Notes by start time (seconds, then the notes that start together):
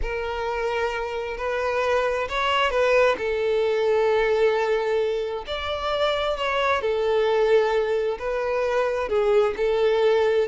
0.01 A#4
1.37 B4
2.29 C#5
2.70 B4
3.17 A4
5.46 D5
6.37 C#5
6.81 A4
8.19 B4
9.08 G#4
9.57 A4